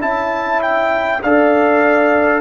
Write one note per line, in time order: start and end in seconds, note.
0.00 1.21 C#4
0.00 1.20 E4
0.00 1.22 E5
0.00 0.61 A5
0.62 1.22 G5
1.23 2.40 D4
1.23 2.40 A4
1.23 2.40 D5
1.23 2.40 F5